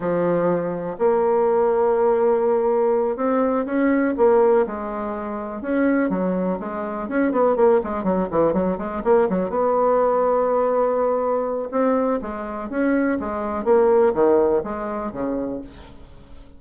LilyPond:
\new Staff \with { instrumentName = "bassoon" } { \time 4/4 \tempo 4 = 123 f2 ais2~ | ais2~ ais8 c'4 cis'8~ | cis'8 ais4 gis2 cis'8~ | cis'8 fis4 gis4 cis'8 b8 ais8 |
gis8 fis8 e8 fis8 gis8 ais8 fis8 b8~ | b1 | c'4 gis4 cis'4 gis4 | ais4 dis4 gis4 cis4 | }